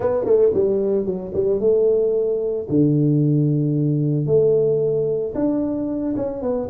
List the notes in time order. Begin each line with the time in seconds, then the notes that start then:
0.00 B3
0.24 A3
0.54 G3
1.05 F#3
1.34 G3
1.59 A3
2.69 D3
4.26 A3
5.34 D4
6.16 C#4
6.42 B3